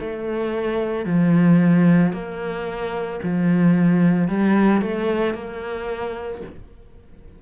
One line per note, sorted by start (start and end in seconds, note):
0.00 1.06 A3
1.06 2.12 F3
2.12 3.19 A#3
3.23 4.28 F3
4.28 4.81 G3
4.81 5.34 A3
5.34 6.41 A#3